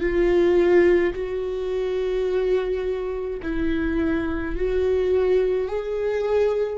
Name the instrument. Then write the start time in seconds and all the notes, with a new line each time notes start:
viola
0.00 F4
1.14 F#4
3.42 E4
4.55 F#4
5.68 G#4